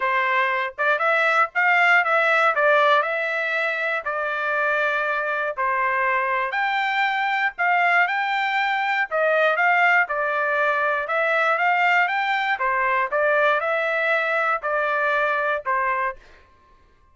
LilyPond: \new Staff \with { instrumentName = "trumpet" } { \time 4/4 \tempo 4 = 119 c''4. d''8 e''4 f''4 | e''4 d''4 e''2 | d''2. c''4~ | c''4 g''2 f''4 |
g''2 dis''4 f''4 | d''2 e''4 f''4 | g''4 c''4 d''4 e''4~ | e''4 d''2 c''4 | }